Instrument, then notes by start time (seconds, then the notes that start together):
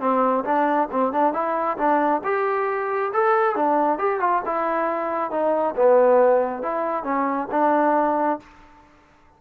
trombone
0.00 C4
0.44 D4
0.91 C4
1.12 D4
1.33 E4
1.77 D4
2.24 G4
3.13 A4
3.56 D4
3.98 G4
4.20 F4
4.46 E4
5.31 D#4
5.76 B3
6.62 E4
7.04 C#4
7.51 D4